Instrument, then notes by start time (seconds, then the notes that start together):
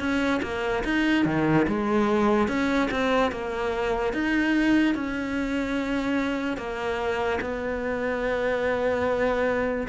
cello
0.00 C#4
0.43 A#3
0.84 D#4
1.26 D#3
1.68 G#3
2.49 C#4
2.91 C4
3.32 A#3
4.14 D#4
4.95 C#4
6.58 A#3
7.41 B3